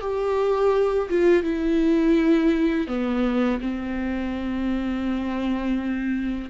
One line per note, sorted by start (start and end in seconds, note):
0.00 1.08 G4
1.09 1.43 F4
1.43 2.87 E4
2.87 3.59 B3
3.60 6.49 C4